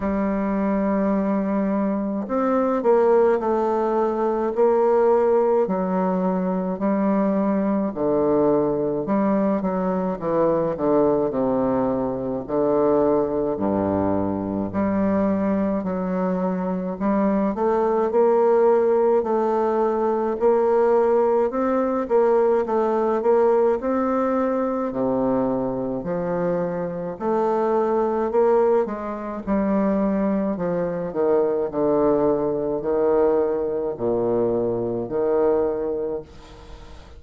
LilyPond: \new Staff \with { instrumentName = "bassoon" } { \time 4/4 \tempo 4 = 53 g2 c'8 ais8 a4 | ais4 fis4 g4 d4 | g8 fis8 e8 d8 c4 d4 | g,4 g4 fis4 g8 a8 |
ais4 a4 ais4 c'8 ais8 | a8 ais8 c'4 c4 f4 | a4 ais8 gis8 g4 f8 dis8 | d4 dis4 ais,4 dis4 | }